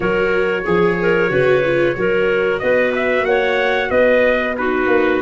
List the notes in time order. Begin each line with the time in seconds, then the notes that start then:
0.00 F#3 F#4 A#4 C#5
0.63 F3 G#4
1.01 A#4
1.29 C#3 F#4 B4
1.64 F4
1.95 F#3 F#4 A#4
2.58 B3 B4 D#5
2.95 E5
3.24 A#3 C#5 F#5
3.89 B3 B4 D#5
4.57 D#4 F#4 B4
4.87 A#3